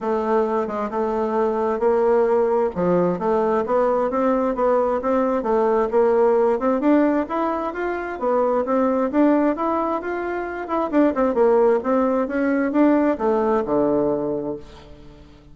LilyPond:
\new Staff \with { instrumentName = "bassoon" } { \time 4/4 \tempo 4 = 132 a4. gis8 a2 | ais2 f4 a4 | b4 c'4 b4 c'4 | a4 ais4. c'8 d'4 |
e'4 f'4 b4 c'4 | d'4 e'4 f'4. e'8 | d'8 c'8 ais4 c'4 cis'4 | d'4 a4 d2 | }